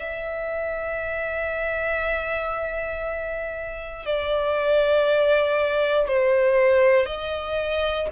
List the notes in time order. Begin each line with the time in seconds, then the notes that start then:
0.00 E5
4.06 D5
6.08 C5
7.06 D#5